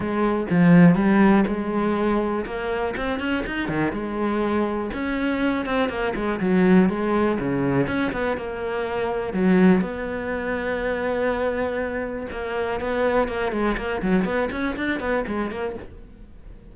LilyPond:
\new Staff \with { instrumentName = "cello" } { \time 4/4 \tempo 4 = 122 gis4 f4 g4 gis4~ | gis4 ais4 c'8 cis'8 dis'8 dis8 | gis2 cis'4. c'8 | ais8 gis8 fis4 gis4 cis4 |
cis'8 b8 ais2 fis4 | b1~ | b4 ais4 b4 ais8 gis8 | ais8 fis8 b8 cis'8 d'8 b8 gis8 ais8 | }